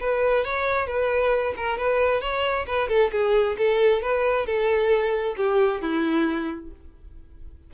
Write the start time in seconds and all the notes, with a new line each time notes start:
0.00 B4
0.44 C#5
0.87 B4
1.56 A#4
1.77 B4
2.21 C#5
2.67 B4
2.88 A4
3.12 G#4
3.57 A4
4.02 B4
4.46 A4
5.36 G4
5.81 E4